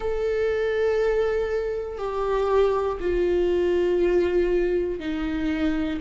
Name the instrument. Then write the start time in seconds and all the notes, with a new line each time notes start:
viola
0.00 A4
1.97 G4
3.00 F4
5.00 D#4